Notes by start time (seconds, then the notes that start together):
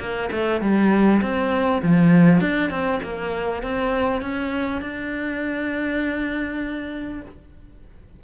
0.00 A#3
0.32 A3
0.61 G3
1.22 C4
1.83 F3
2.41 D4
2.70 C4
3.03 A#3
3.63 C4
4.22 C#4
4.82 D4